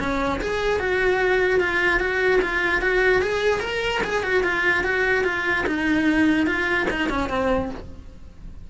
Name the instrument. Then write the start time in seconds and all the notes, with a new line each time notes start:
cello
0.00 C#4
0.42 G#4
0.80 F#4
1.61 F4
2.00 F#4
2.42 F4
2.82 F#4
3.22 G#4
3.61 A#4
4.04 G#4
4.23 F#4
4.44 F4
4.84 F#4
5.25 F4
5.67 D#4
6.47 F4
6.91 D#4
7.10 C#4
7.30 C4